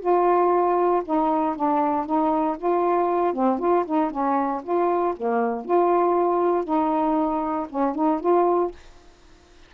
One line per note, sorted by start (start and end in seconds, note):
0.00 1.03 F4
1.05 1.56 D#4
1.56 2.06 D4
2.06 2.57 D#4
2.58 3.33 F4
3.33 3.59 C4
3.59 3.85 F4
3.85 4.10 D#4
4.10 4.62 C#4
4.63 5.14 F4
5.17 5.65 A#3
5.65 6.64 F4
6.64 7.67 D#4
7.69 7.95 C#4
7.95 8.20 D#4
8.20 8.71 F4